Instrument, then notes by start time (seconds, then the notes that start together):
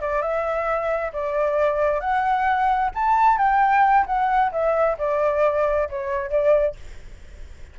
flute
0.00 D5
0.21 E5
1.13 D5
2.00 F#5
2.94 A5
3.38 G5
4.06 F#5
4.52 E5
4.98 D5
5.89 C#5
6.30 D5